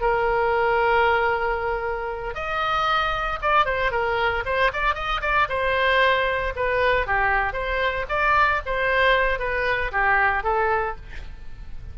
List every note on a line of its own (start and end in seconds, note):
0.00 2.34 A#4
2.34 3.39 D#5
3.42 3.65 D5
3.65 3.91 C5
3.91 4.43 A#4
4.45 4.71 C5
4.72 4.94 D5
4.94 5.21 D#5
5.21 5.47 D5
5.49 6.53 C5
6.56 7.06 B4
7.06 7.53 G4
7.53 8.05 C5
8.09 8.61 D5
8.65 9.39 C5
9.39 9.91 B4
9.92 10.43 G4
10.43 10.95 A4